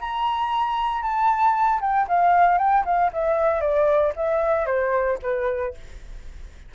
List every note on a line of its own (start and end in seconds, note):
0.00 1.02 A#5
1.02 1.80 A5
1.80 2.07 G5
2.08 2.58 F5
2.58 2.84 G5
2.85 3.11 F5
3.12 3.60 E5
3.60 4.13 D5
4.16 4.66 E5
4.66 5.18 C5
5.22 5.74 B4